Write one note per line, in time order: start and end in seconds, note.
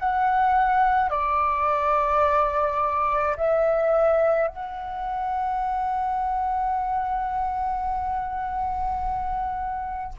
0.00 1.11 F#5
1.11 3.37 D5
3.37 4.48 E5
4.48 10.14 F#5